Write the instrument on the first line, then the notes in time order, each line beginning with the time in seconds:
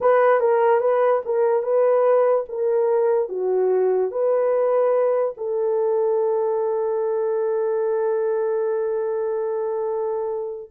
horn
0.00 B4
0.40 A#4
0.80 B4
1.25 A#4
1.62 B4
2.48 A#4
3.29 F#4
4.11 B4
5.37 A4